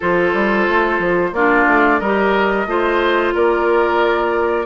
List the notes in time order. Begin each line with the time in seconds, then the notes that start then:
0.00 F3 F4 A4 C5
0.33 G3
0.68 A3
0.98 F3
1.32 A#3 D4 F4 D5
1.67 A3
1.99 G3 G4 A#4 D#5
2.66 A3 F4 C5
3.34 A#3 A#4 D5